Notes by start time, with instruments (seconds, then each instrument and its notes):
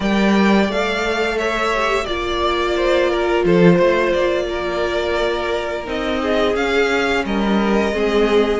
0.00 cello G3, viola A#4, violin D5 G5
0.68 cello A3, viola A4, violin F5
1.37 violin C#5 E5
1.74 viola G4
2.04 cello A#3, viola F4, violin D5
2.76 violin C5
3.10 violin A#4
3.44 cello F3, violin A4 C5
3.75 cello A3, violin C5
4.12 cello A#3, violin D5
4.48 violin A#4
5.84 cello C4, viola D#4, violin D#5
6.21 violin G#4
6.55 viola C#4, cello C#4, violin F5
7.25 cello G3, violin A#4 D#5
7.92 cello G#3, viola C4, violin G#4